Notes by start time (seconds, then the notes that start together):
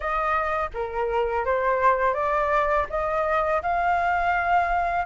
0.00 D#5
0.74 A#4
1.45 C5
2.14 D5
2.89 D#5
3.62 F5